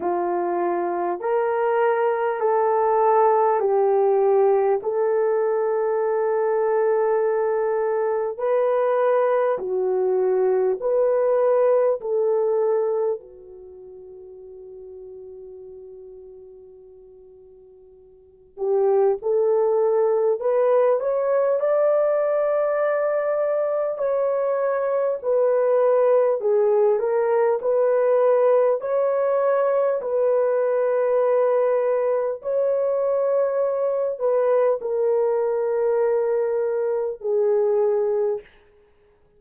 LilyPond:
\new Staff \with { instrumentName = "horn" } { \time 4/4 \tempo 4 = 50 f'4 ais'4 a'4 g'4 | a'2. b'4 | fis'4 b'4 a'4 fis'4~ | fis'2.~ fis'8 g'8 |
a'4 b'8 cis''8 d''2 | cis''4 b'4 gis'8 ais'8 b'4 | cis''4 b'2 cis''4~ | cis''8 b'8 ais'2 gis'4 | }